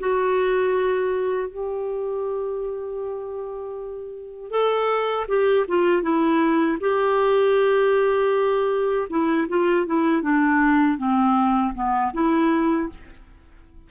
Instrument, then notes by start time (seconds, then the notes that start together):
clarinet
0.00 F#4
1.49 G4
4.51 A4
5.29 G4
5.68 F4
6.02 E4
6.80 G4
9.10 E4
9.49 F4
9.87 E4
10.23 D4
10.98 C4
11.75 B3
12.13 E4